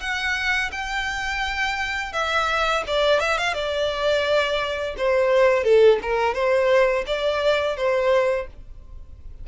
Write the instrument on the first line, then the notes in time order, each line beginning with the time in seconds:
violin
0.00 F#5
0.72 G5
2.13 E5
2.87 D5
3.20 E5
3.38 F5
3.54 D5
4.97 C5
5.63 A4
6.02 A#4
6.34 C5
7.06 D5
7.76 C5